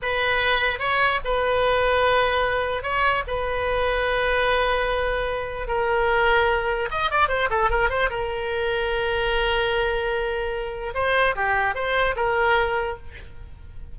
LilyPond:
\new Staff \with { instrumentName = "oboe" } { \time 4/4 \tempo 4 = 148 b'2 cis''4 b'4~ | b'2. cis''4 | b'1~ | b'2 ais'2~ |
ais'4 dis''8 d''8 c''8 a'8 ais'8 c''8 | ais'1~ | ais'2. c''4 | g'4 c''4 ais'2 | }